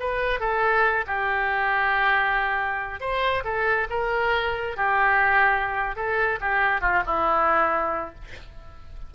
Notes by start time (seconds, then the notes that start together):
0.00 B4
0.40 A4
1.07 G4
3.00 C5
3.44 A4
3.90 A#4
4.77 G4
5.96 A4
6.41 G4
6.81 F4
7.06 E4